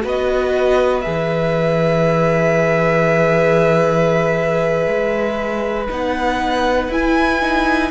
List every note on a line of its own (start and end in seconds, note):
0.00 1.05 B3
0.00 1.02 F#4
0.00 7.91 B4
0.06 1.01 D#5
1.01 4.86 E3
1.01 5.86 G#4
1.01 5.84 E5
4.86 5.88 G#3
5.88 6.88 B3
5.88 6.90 D#4
5.88 6.92 F#5
6.88 7.90 E4
6.88 7.41 E4
6.88 7.91 G#5
7.41 7.91 D#4